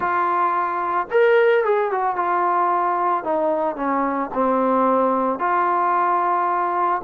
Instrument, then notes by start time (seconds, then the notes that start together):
trombone
0.00 F4
1.11 A#4
1.64 G#4
1.91 F#4
2.16 F4
3.24 D#4
3.76 C#4
4.34 C4
5.39 F4